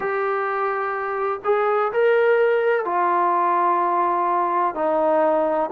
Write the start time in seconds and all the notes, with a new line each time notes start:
0.00 G4
1.44 G#4
1.92 A#4
2.84 F4
4.74 D#4